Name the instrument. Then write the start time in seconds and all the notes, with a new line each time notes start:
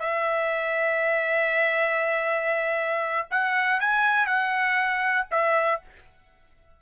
trumpet
0.00 E5
3.31 F#5
3.81 G#5
4.26 F#5
5.31 E5